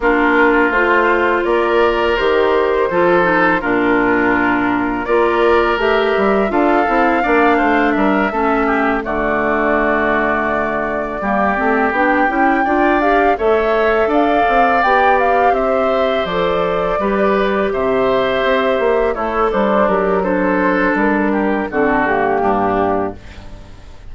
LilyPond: <<
  \new Staff \with { instrumentName = "flute" } { \time 4/4 \tempo 4 = 83 ais'4 c''4 d''4 c''4~ | c''4 ais'2 d''4 | e''4 f''2 e''4~ | e''8 d''2.~ d''8~ |
d''8 g''4. f''8 e''4 f''8~ | f''8 g''8 f''8 e''4 d''4.~ | d''8 e''2 cis''8 c''8 ais'8 | c''4 ais'4 a'8 g'4. | }
  \new Staff \with { instrumentName = "oboe" } { \time 4/4 f'2 ais'2 | a'4 f'2 ais'4~ | ais'4 a'4 d''8 c''8 ais'8 a'8 | g'8 fis'2. g'8~ |
g'4. d''4 cis''4 d''8~ | d''4. c''2 b'8~ | b'8 c''2 e'8 d'4 | a'4. g'8 fis'4 d'4 | }
  \new Staff \with { instrumentName = "clarinet" } { \time 4/4 d'4 f'2 g'4 | f'8 dis'8 d'2 f'4 | g'4 f'8 e'8 d'4. cis'8~ | cis'8 a2. ais8 |
c'8 d'8 e'8 f'8 g'8 a'4.~ | a'8 g'2 a'4 g'8~ | g'2~ g'8 a'4 g'8 | d'2 c'8 ais4. | }
  \new Staff \with { instrumentName = "bassoon" } { \time 4/4 ais4 a4 ais4 dis4 | f4 ais,2 ais4 | a8 g8 d'8 c'8 ais8 a8 g8 a8~ | a8 d2. g8 |
a8 b8 cis'8 d'4 a4 d'8 | c'8 b4 c'4 f4 g8~ | g8 c4 c'8 ais8 a8 g8 fis8~ | fis4 g4 d4 g,4 | }
>>